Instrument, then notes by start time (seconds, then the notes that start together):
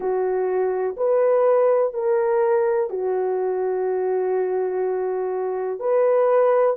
horn
0.00 F#4
0.97 B4
1.94 A#4
2.89 F#4
5.79 B4